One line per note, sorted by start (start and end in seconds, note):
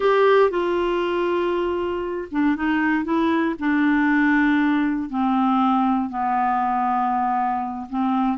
0.00 0.50 G4
0.50 2.28 F4
2.31 2.56 D4
2.56 3.04 D#4
3.04 3.55 E4
3.59 5.09 D4
5.09 6.09 C4
6.09 7.87 B3
7.89 8.37 C4